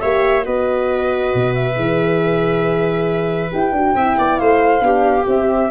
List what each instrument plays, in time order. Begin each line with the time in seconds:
0.00 tuba A#3, horn G4, viola C#5, flute E5
0.43 tuba B3, horn F#4, viola B4, flute D#5
1.34 tuba B2
1.54 flute E5
1.75 tuba E3, horn G#4
3.51 tuba E4, horn G4, flute G5
3.72 tuba D4, horn F#4
3.94 tuba C4, horn E4, viola E5
4.17 tuba B3, viola D5
4.37 tuba A3, viola C5, flute F5
4.80 tuba B3, horn D4, viola G4
5.27 horn C4, tuba C4, flute E5